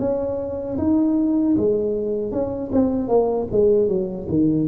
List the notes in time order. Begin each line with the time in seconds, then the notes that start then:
0.00 C#4
0.78 D#4
1.58 G#3
2.32 C#4
2.73 C4
3.09 A#3
3.52 G#3
3.89 F#3
4.29 D#3